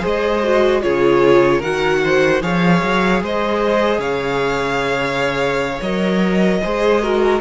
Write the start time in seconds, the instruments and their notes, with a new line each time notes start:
0.00 cello G#3, viola G#4, violin C5 D#5
0.44 viola F#4
0.82 cello C#3, viola F4, violin G#4 C#5
1.59 cello D#3, viola F#4, violin A#4 F#5
2.03 violin C5
2.41 cello F3, viola G#4, violin C#5 F5
2.82 cello F#3
3.21 cello G#3, violin C5 D#5
3.99 cello C#3, violin C#5 F5
5.82 cello F#3, viola A#4, violin D#5
6.62 cello G#3, viola G#4, violin C5
7.02 viola F#4, violin A#4